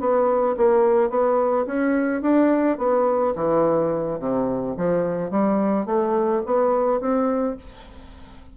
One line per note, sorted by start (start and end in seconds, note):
0.00 0.56 B3
0.57 1.10 A#3
1.10 1.66 B3
1.66 2.22 C#4
2.22 2.78 D4
2.78 3.34 B3
3.35 4.20 E3
4.20 4.76 C3
4.77 5.31 F3
5.31 5.86 G3
5.86 6.42 A3
6.46 7.01 B3
7.01 7.57 C4